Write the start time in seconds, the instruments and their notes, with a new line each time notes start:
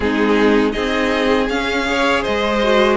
0.00 cello G#3, viola C4, violin D#4 G#4
0.72 cello C4, viola D#4, violin G#4 D#5
1.49 cello C#4, viola C#4, violin F5
1.85 viola G#4, violin C#5
2.22 cello G#3, violin C5 D#5
2.63 viola F#4